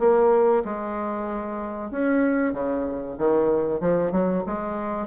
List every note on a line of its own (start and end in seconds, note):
0.00 0.64 A#3
0.65 1.91 G#3
1.91 2.54 C#4
2.54 3.17 C#3
3.19 3.81 D#3
3.81 4.12 F3
4.12 4.44 F#3
4.47 5.08 G#3